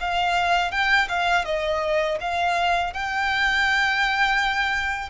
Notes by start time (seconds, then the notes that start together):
0.00 F5
0.71 G5
1.09 F5
1.45 D#5
2.21 F5
2.93 G5